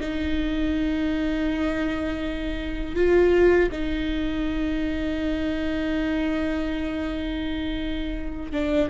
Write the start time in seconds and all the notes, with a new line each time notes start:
0.00 D#4
2.95 F4
3.71 D#4
8.52 D4